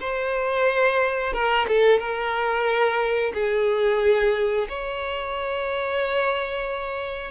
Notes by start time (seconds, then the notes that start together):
0.00 C5
1.33 A#4
1.68 A4
1.99 A#4
3.34 G#4
4.68 C#5